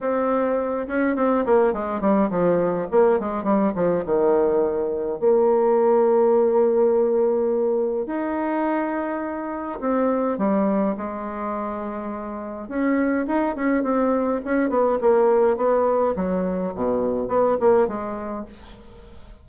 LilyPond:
\new Staff \with { instrumentName = "bassoon" } { \time 4/4 \tempo 4 = 104 c'4. cis'8 c'8 ais8 gis8 g8 | f4 ais8 gis8 g8 f8 dis4~ | dis4 ais2.~ | ais2 dis'2~ |
dis'4 c'4 g4 gis4~ | gis2 cis'4 dis'8 cis'8 | c'4 cis'8 b8 ais4 b4 | fis4 b,4 b8 ais8 gis4 | }